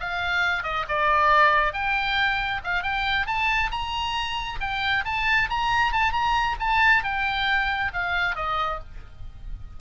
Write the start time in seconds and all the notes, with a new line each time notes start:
0.00 F5
0.64 D#5
0.89 D5
1.73 G5
2.64 F5
2.83 G5
3.27 A5
3.71 A#5
4.61 G5
5.05 A5
5.50 A#5
5.93 A5
6.12 A#5
6.60 A5
7.04 G5
7.93 F5
8.36 D#5